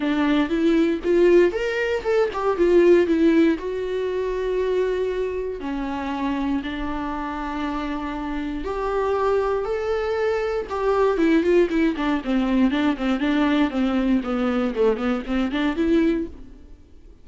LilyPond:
\new Staff \with { instrumentName = "viola" } { \time 4/4 \tempo 4 = 118 d'4 e'4 f'4 ais'4 | a'8 g'8 f'4 e'4 fis'4~ | fis'2. cis'4~ | cis'4 d'2.~ |
d'4 g'2 a'4~ | a'4 g'4 e'8 f'8 e'8 d'8 | c'4 d'8 c'8 d'4 c'4 | b4 a8 b8 c'8 d'8 e'4 | }